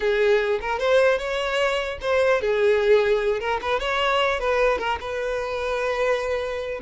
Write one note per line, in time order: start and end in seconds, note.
0.00 0.59 G#4
0.60 0.79 A#4
0.79 1.18 C5
1.18 1.98 C#5
2.01 2.41 C5
2.41 3.39 G#4
3.39 3.59 A#4
3.61 3.79 B4
3.79 4.39 C#5
4.39 4.78 B4
4.78 4.98 A#4
5.00 6.80 B4